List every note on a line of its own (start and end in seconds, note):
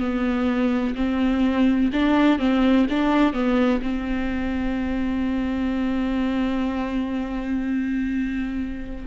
0.00 0.95 B3
0.95 1.90 C4
1.93 2.39 D4
2.39 2.87 C4
2.90 3.33 D4
3.33 3.81 B3
3.82 9.06 C4